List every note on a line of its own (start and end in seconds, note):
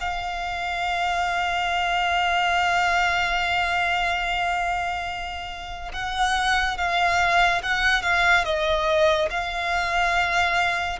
0.00 5.92 F5
5.93 6.77 F#5
6.77 7.61 F5
7.62 8.02 F#5
8.02 8.44 F5
8.44 9.28 D#5
9.30 10.99 F5